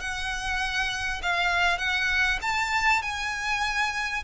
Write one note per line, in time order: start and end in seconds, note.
0.00 1.21 F#5
1.22 1.78 F5
1.78 2.39 F#5
2.41 3.02 A5
3.02 4.23 G#5